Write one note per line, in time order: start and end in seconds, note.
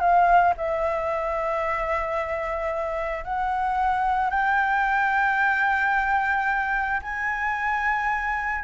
0.00 0.54 F5
0.57 3.25 E5
3.25 4.30 F#5
4.30 7.01 G5
7.02 8.64 G#5